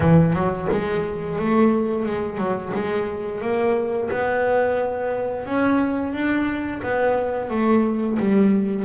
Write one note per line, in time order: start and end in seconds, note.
0.00 0.33 E3
0.33 0.67 F#3
0.71 1.39 G#3
1.39 2.05 A3
2.05 2.37 G#3
2.37 2.71 F#3
2.73 3.41 G#3
3.41 4.09 A#3
4.10 5.45 B3
5.45 6.13 C#4
6.13 6.81 D4
6.82 7.50 B3
7.50 8.18 A3
8.19 8.85 G3